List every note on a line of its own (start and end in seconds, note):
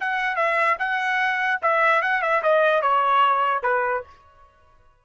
0.00 0.36 F#5
0.36 0.77 E5
0.79 1.60 F#5
1.62 2.02 E5
2.02 2.22 F#5
2.22 2.42 E5
2.43 2.82 D#5
2.82 3.63 C#5
3.63 4.04 B4